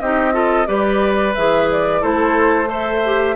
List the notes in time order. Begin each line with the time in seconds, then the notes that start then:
0.00 C4 D#4 G4 D#5
0.33 F4 A4
0.66 G3 G4 B4 D5
1.35 E3 G#4 E5
1.71 D5
2.01 A3 E4 A4 C5
2.66 A4 C5
2.72 E5
3.05 G4